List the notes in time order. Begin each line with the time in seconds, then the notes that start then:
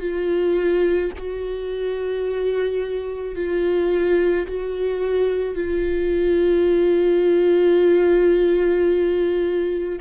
0.00 F4
1.18 F#4
3.36 F4
4.47 F#4
5.55 F4